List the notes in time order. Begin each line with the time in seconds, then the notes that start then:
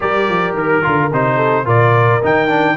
0.00 G3 G4 A#4 D5
0.28 F3
0.53 D#3 A#4
0.82 D3 F4
1.12 C3 D#4 C5
1.36 A4
1.65 A#2 F4 A#4 D5
2.22 D#3 D#4 G5
2.48 D4